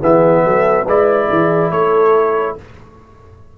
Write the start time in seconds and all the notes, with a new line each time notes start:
0.00 E3 B3 G#4 E5
0.43 F#3 A4
0.85 G#3 E4 B4 D5
1.29 E3 G#4
1.71 A3 A4 C#5